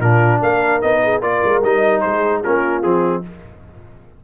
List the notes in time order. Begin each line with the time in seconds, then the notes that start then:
0.00 A#2 D4 F4 A#4
0.41 A#3 A#4 F5
0.82 B3 D#4 D#5
1.04 G#4
1.21 A#3 F4 A#4 D5
1.45 G#3
1.63 G3 D#4 D#5
2.01 G#3 G#4 C5
2.43 A#3 C#4 F4 A#4
2.83 F3 C4 G#4